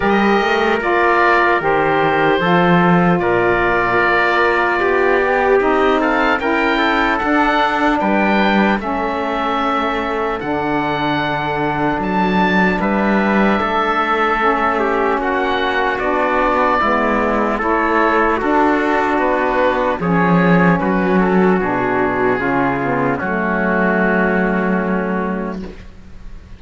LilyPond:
<<
  \new Staff \with { instrumentName = "oboe" } { \time 4/4 \tempo 4 = 75 dis''4 d''4 c''2 | d''2. dis''8 f''8 | g''4 fis''4 g''4 e''4~ | e''4 fis''2 a''4 |
e''2. fis''4 | d''2 cis''4 a'4 | b'4 cis''4 b'8 a'8 gis'4~ | gis'4 fis'2. | }
  \new Staff \with { instrumentName = "trumpet" } { \time 4/4 ais'2. a'4 | ais'2 g'4. a'8 | ais'8 a'4. b'4 a'4~ | a'1 |
b'4 a'4. g'8 fis'4~ | fis'4 e'4 a'4 fis'4~ | fis'4 gis'4 fis'2 | f'4 cis'2. | }
  \new Staff \with { instrumentName = "saxophone" } { \time 4/4 g'4 f'4 g'4 f'4~ | f'2~ f'8 g'8 dis'4 | e'4 d'2 cis'4~ | cis'4 d'2.~ |
d'2 cis'2 | d'4 b4 e'4 d'4~ | d'4 cis'2 d'4 | cis'8 b8 a2. | }
  \new Staff \with { instrumentName = "cello" } { \time 4/4 g8 a8 ais4 dis4 f4 | ais,4 ais4 b4 c'4 | cis'4 d'4 g4 a4~ | a4 d2 fis4 |
g4 a2 ais4 | b4 gis4 a4 d'4 | b4 f4 fis4 b,4 | cis4 fis2. | }
>>